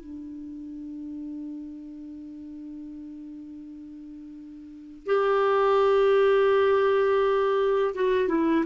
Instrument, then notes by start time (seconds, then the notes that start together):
clarinet
0.00 D4
5.06 G4
7.94 F#4
8.28 E4